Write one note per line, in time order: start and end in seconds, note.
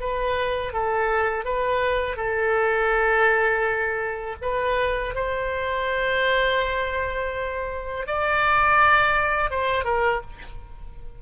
0.00 0.73 B4
0.73 1.45 A4
1.45 2.17 B4
2.17 4.36 A4
4.42 5.15 B4
5.15 8.07 C5
8.07 9.51 D5
9.51 9.84 C5
9.84 10.21 A#4